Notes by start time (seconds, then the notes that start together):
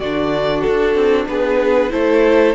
0.00 D3 D4 F#4 D5
0.62 D4 A4
0.95 C4
1.28 B3 G#4 B4
1.90 A3 E4 A4 C5